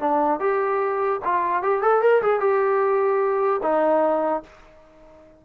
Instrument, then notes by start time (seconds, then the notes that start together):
trombone
0.00 D4
0.40 G4
1.24 F4
1.63 G4
1.82 A4
2.02 A#4
2.22 G#4
2.40 G4
3.63 D#4